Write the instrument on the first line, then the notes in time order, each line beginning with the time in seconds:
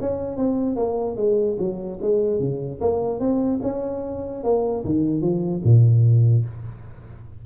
tuba
0.00 C#4
0.36 C4
0.76 A#3
1.16 G#3
1.58 F#3
2.02 G#3
2.39 C#3
2.81 A#3
3.19 C4
3.62 C#4
4.44 A#3
4.84 D#3
5.21 F3
5.64 A#2